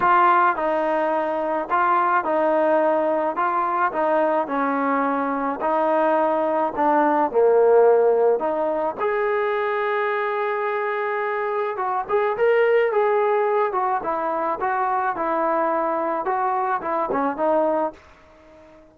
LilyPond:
\new Staff \with { instrumentName = "trombone" } { \time 4/4 \tempo 4 = 107 f'4 dis'2 f'4 | dis'2 f'4 dis'4 | cis'2 dis'2 | d'4 ais2 dis'4 |
gis'1~ | gis'4 fis'8 gis'8 ais'4 gis'4~ | gis'8 fis'8 e'4 fis'4 e'4~ | e'4 fis'4 e'8 cis'8 dis'4 | }